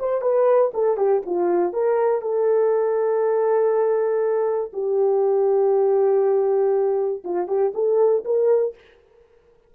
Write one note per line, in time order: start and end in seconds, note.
0.00 0.22 C5
0.22 0.72 B4
0.74 0.97 A4
0.97 1.22 G4
1.26 1.73 F4
1.73 2.22 A#4
2.22 4.72 A4
4.74 7.24 G4
7.25 7.48 F4
7.48 7.73 G4
7.75 8.25 A4
8.25 8.75 A#4